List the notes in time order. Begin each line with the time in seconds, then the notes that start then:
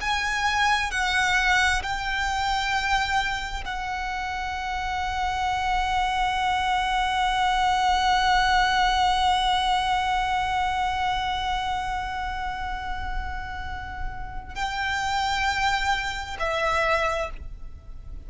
0.00 G#5
0.91 F#5
1.82 G5
3.64 F#5
14.55 G5
16.39 E5